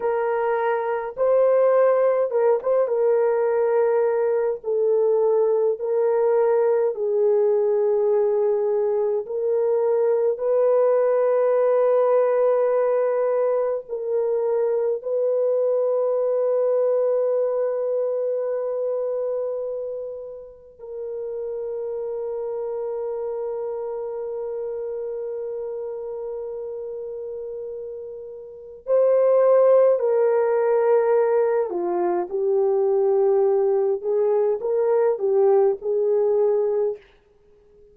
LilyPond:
\new Staff \with { instrumentName = "horn" } { \time 4/4 \tempo 4 = 52 ais'4 c''4 ais'16 c''16 ais'4. | a'4 ais'4 gis'2 | ais'4 b'2. | ais'4 b'2.~ |
b'2 ais'2~ | ais'1~ | ais'4 c''4 ais'4. f'8 | g'4. gis'8 ais'8 g'8 gis'4 | }